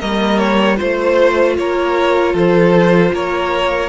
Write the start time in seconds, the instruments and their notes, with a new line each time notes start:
0.00 cello G3, viola A#3, violin A#4 D#5
0.38 violin C#5
0.77 cello A3, viola F4, violin C5
1.57 cello A#3, violin A#4 C#5
2.33 cello F3, violin A4 C5
3.12 cello A#3, violin A#4 C#5